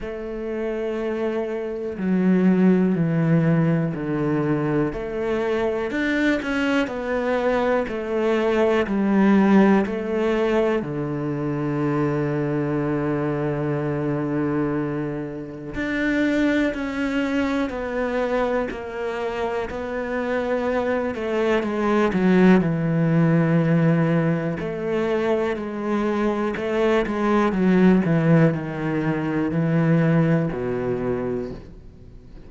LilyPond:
\new Staff \with { instrumentName = "cello" } { \time 4/4 \tempo 4 = 61 a2 fis4 e4 | d4 a4 d'8 cis'8 b4 | a4 g4 a4 d4~ | d1 |
d'4 cis'4 b4 ais4 | b4. a8 gis8 fis8 e4~ | e4 a4 gis4 a8 gis8 | fis8 e8 dis4 e4 b,4 | }